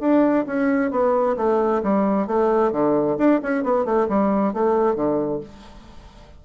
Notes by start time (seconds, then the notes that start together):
0.00 D4
0.47 C#4
0.91 B3
1.37 A3
1.83 G3
2.27 A3
2.72 D3
3.18 D4
3.42 C#4
3.63 B3
3.85 A3
4.09 G3
4.53 A3
4.95 D3